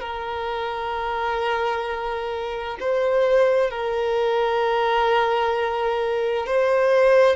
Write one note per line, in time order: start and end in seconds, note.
0.00 2.77 A#4
2.79 3.70 C5
3.70 6.46 A#4
6.46 7.36 C5